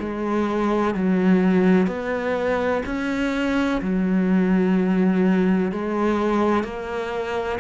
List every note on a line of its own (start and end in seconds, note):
0.00 0.95 G#3
0.95 1.87 F#3
1.87 2.82 B3
2.86 3.81 C#4
3.81 5.72 F#3
5.72 6.64 G#3
6.64 7.59 A#3